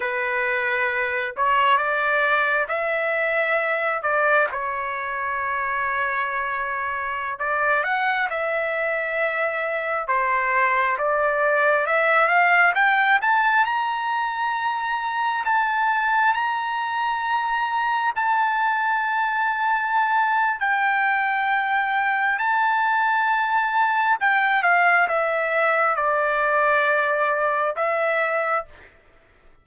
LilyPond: \new Staff \with { instrumentName = "trumpet" } { \time 4/4 \tempo 4 = 67 b'4. cis''8 d''4 e''4~ | e''8 d''8 cis''2.~ | cis''16 d''8 fis''8 e''2 c''8.~ | c''16 d''4 e''8 f''8 g''8 a''8 ais''8.~ |
ais''4~ ais''16 a''4 ais''4.~ ais''16~ | ais''16 a''2~ a''8. g''4~ | g''4 a''2 g''8 f''8 | e''4 d''2 e''4 | }